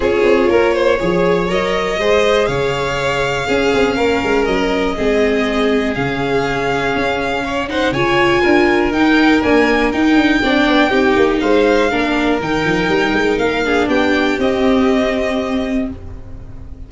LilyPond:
<<
  \new Staff \with { instrumentName = "violin" } { \time 4/4 \tempo 4 = 121 cis''2. dis''4~ | dis''4 f''2.~ | f''4 dis''2. | f''2.~ f''8 fis''8 |
gis''2 g''4 gis''4 | g''2. f''4~ | f''4 g''2 f''4 | g''4 dis''2. | }
  \new Staff \with { instrumentName = "violin" } { \time 4/4 gis'4 ais'8 c''8 cis''2 | c''4 cis''2 gis'4 | ais'2 gis'2~ | gis'2. cis''8 c''8 |
cis''4 ais'2.~ | ais'4 d''4 g'4 c''4 | ais'2.~ ais'8 gis'8 | g'1 | }
  \new Staff \with { instrumentName = "viola" } { \time 4/4 f'2 gis'4 ais'4 | gis'2. cis'4~ | cis'2 c'2 | cis'2.~ cis'8 dis'8 |
f'2 dis'4 ais4 | dis'4 d'4 dis'2 | d'4 dis'2~ dis'8 d'8~ | d'4 c'2. | }
  \new Staff \with { instrumentName = "tuba" } { \time 4/4 cis'8 c'8 ais4 f4 fis4 | gis4 cis2 cis'8 c'8 | ais8 gis8 fis4 gis2 | cis2 cis'2 |
cis4 d'4 dis'4 d'4 | dis'8 d'8 c'8 b8 c'8 ais8 gis4 | ais4 dis8 f8 g8 gis8 ais4 | b4 c'2. | }
>>